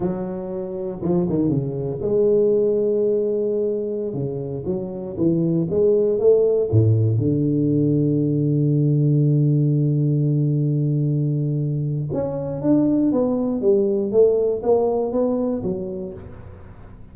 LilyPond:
\new Staff \with { instrumentName = "tuba" } { \time 4/4 \tempo 4 = 119 fis2 f8 dis8 cis4 | gis1~ | gis16 cis4 fis4 e4 gis8.~ | gis16 a4 a,4 d4.~ d16~ |
d1~ | d1 | cis'4 d'4 b4 g4 | a4 ais4 b4 fis4 | }